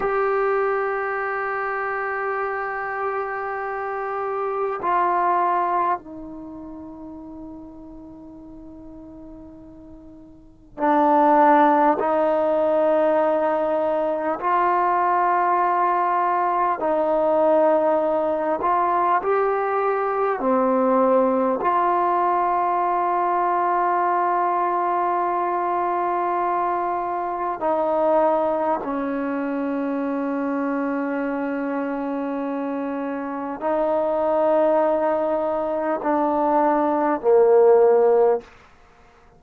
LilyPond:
\new Staff \with { instrumentName = "trombone" } { \time 4/4 \tempo 4 = 50 g'1 | f'4 dis'2.~ | dis'4 d'4 dis'2 | f'2 dis'4. f'8 |
g'4 c'4 f'2~ | f'2. dis'4 | cis'1 | dis'2 d'4 ais4 | }